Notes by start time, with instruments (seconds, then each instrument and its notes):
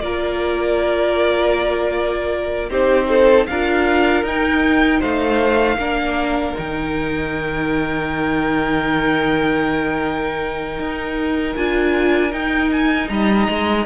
0.00 cello A#3, viola F4, violin A#4 D5
2.69 cello C4, viola D#4, violin G4 C5
3.09 violin A4
3.46 cello D4, viola F4, violin A#4 F5
4.23 cello D#4, viola D#4, violin G5
5.00 cello A3, violin C5 F5
5.76 cello A#3, viola D4, violin A#4
6.55 cello D#3, viola D#4, violin G5
10.79 cello D#4
11.55 cello D4, viola F4, violin G#5
12.31 viola D#4, cello D#4, violin G5
12.72 violin G#5
13.09 cello G3, violin D#5 A#5
13.49 cello G#3